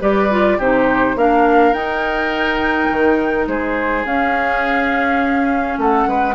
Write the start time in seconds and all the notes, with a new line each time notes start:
0.00 G3 G4 B4 D5
0.30 F4
0.57 C3 D#4 G4 C5
1.15 A#3 D4 A#4 F5
1.72 D#4 G5
2.90 D#3
3.47 G#3 G#4 C5
4.05 C#4 F5
5.78 A3 A4 F#5
6.07 G#3 B4